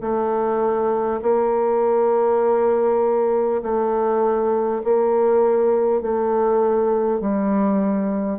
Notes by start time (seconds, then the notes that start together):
0.00 A3
1.22 A#3
3.62 A3
4.84 A#3
6.01 A3
7.20 G3